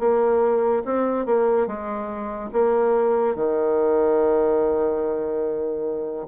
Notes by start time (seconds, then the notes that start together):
0.00 A#3
0.85 C4
1.27 A#3
1.67 G#3
2.53 A#3
3.36 D#3